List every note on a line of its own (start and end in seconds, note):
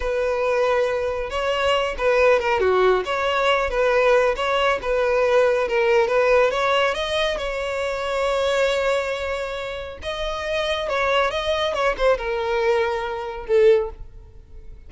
0.00 1.29 B4
1.29 1.95 C#5
1.98 2.39 B4
2.39 2.60 A#4
2.60 3.03 F#4
3.05 3.70 C#5
3.70 4.35 B4
4.36 4.79 C#5
4.82 5.68 B4
5.68 6.07 A#4
6.07 6.50 B4
6.50 6.94 C#5
6.94 7.37 D#5
7.37 9.98 C#5
10.02 10.89 D#5
10.89 11.30 C#5
11.30 11.73 D#5
11.73 11.95 C#5
11.97 12.17 C5
12.17 13.46 A#4
13.46 13.90 A4